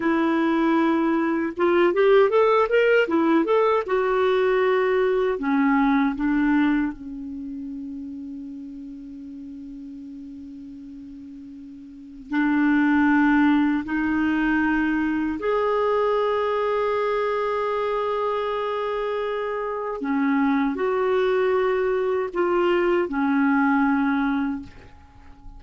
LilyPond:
\new Staff \with { instrumentName = "clarinet" } { \time 4/4 \tempo 4 = 78 e'2 f'8 g'8 a'8 ais'8 | e'8 a'8 fis'2 cis'4 | d'4 cis'2.~ | cis'1 |
d'2 dis'2 | gis'1~ | gis'2 cis'4 fis'4~ | fis'4 f'4 cis'2 | }